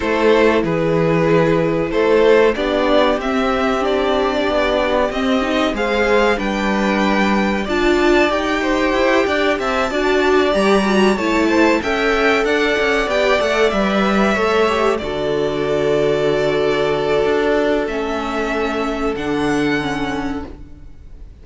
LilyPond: <<
  \new Staff \with { instrumentName = "violin" } { \time 4/4 \tempo 4 = 94 c''4 b'2 c''4 | d''4 e''4 d''2 | dis''4 f''4 g''2 | a''4 g''2 a''4~ |
a''8 ais''4 a''4 g''4 fis''8~ | fis''8 g''8 fis''8 e''2 d''8~ | d''1 | e''2 fis''2 | }
  \new Staff \with { instrumentName = "violin" } { \time 4/4 a'4 gis'2 a'4 | g'1~ | g'4 c''4 b'2 | d''4. c''4 d''8 e''8 d''8~ |
d''4. cis''8 c''8 e''4 d''8~ | d''2~ d''8 cis''4 a'8~ | a'1~ | a'1 | }
  \new Staff \with { instrumentName = "viola" } { \time 4/4 e'1 | d'4 c'4 d'2 | c'8 dis'8 gis'4 d'2 | f'4 g'2~ g'8 fis'8~ |
fis'8 g'8 fis'8 e'4 a'4.~ | a'8 g'8 a'8 b'4 a'8 g'8 fis'8~ | fis'1 | cis'2 d'4 cis'4 | }
  \new Staff \with { instrumentName = "cello" } { \time 4/4 a4 e2 a4 | b4 c'2 b4 | c'4 gis4 g2 | d'4 dis'4 e'8 d'8 c'8 d'8~ |
d'8 g4 a4 cis'4 d'8 | cis'8 b8 a8 g4 a4 d8~ | d2. d'4 | a2 d2 | }
>>